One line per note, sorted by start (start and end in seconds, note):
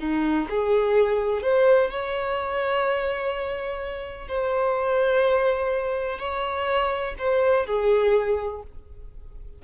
0.00 0.48 D#4
0.50 1.42 G#4
1.42 1.90 C5
1.90 4.28 C#5
4.28 6.19 C5
6.19 7.15 C#5
7.18 7.66 C5
7.66 8.62 G#4